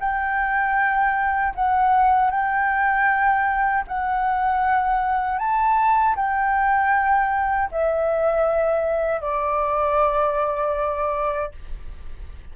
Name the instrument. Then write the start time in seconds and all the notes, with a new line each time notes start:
flute
0.00 G5
1.55 F#5
2.30 G5
3.87 F#5
5.38 A5
6.16 G5
7.71 E5
9.21 D5